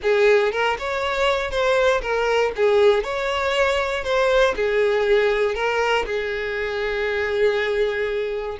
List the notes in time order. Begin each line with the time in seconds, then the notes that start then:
0.02 G#4
0.52 A#4
0.78 C#5
1.50 C5
2.01 A#4
2.56 G#4
3.03 C#5
4.04 C5
4.56 G#4
5.54 A#4
6.05 G#4